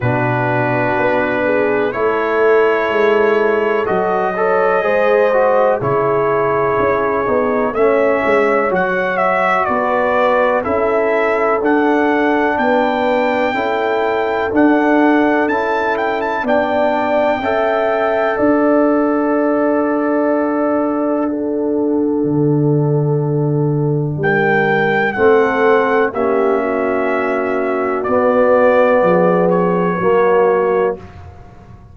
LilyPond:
<<
  \new Staff \with { instrumentName = "trumpet" } { \time 4/4 \tempo 4 = 62 b'2 cis''2 | dis''2 cis''2 | e''4 fis''8 e''8 d''4 e''4 | fis''4 g''2 fis''4 |
a''8 g''16 a''16 g''2 fis''4~ | fis''1~ | fis''4 g''4 fis''4 e''4~ | e''4 d''4. cis''4. | }
  \new Staff \with { instrumentName = "horn" } { \time 4/4 fis'4. gis'8 a'2~ | a'8 cis''8 c''4 gis'2 | cis''2 b'4 a'4~ | a'4 b'4 a'2~ |
a'4 d''4 e''4 d''4~ | d''2 a'2~ | a'4 ais'4 a'4 g'8 fis'8~ | fis'2 gis'4 fis'4 | }
  \new Staff \with { instrumentName = "trombone" } { \time 4/4 d'2 e'2 | fis'8 a'8 gis'8 fis'8 e'4. dis'8 | cis'4 fis'2 e'4 | d'2 e'4 d'4 |
e'4 d'4 a'2~ | a'2 d'2~ | d'2 c'4 cis'4~ | cis'4 b2 ais4 | }
  \new Staff \with { instrumentName = "tuba" } { \time 4/4 b,4 b4 a4 gis4 | fis4 gis4 cis4 cis'8 b8 | a8 gis8 fis4 b4 cis'4 | d'4 b4 cis'4 d'4 |
cis'4 b4 cis'4 d'4~ | d'2. d4~ | d4 g4 a4 ais4~ | ais4 b4 f4 fis4 | }
>>